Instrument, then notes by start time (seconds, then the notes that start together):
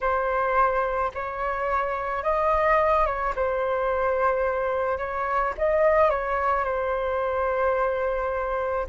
flute
0.00 C5
1.14 C#5
2.23 D#5
3.06 C#5
3.35 C5
4.97 C#5
5.57 D#5
6.10 C#5
6.64 C5